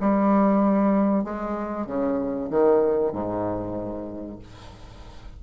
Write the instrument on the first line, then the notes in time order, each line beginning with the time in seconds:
bassoon
0.00 G3
1.24 G#3
1.86 C#3
2.50 D#3
3.12 G#2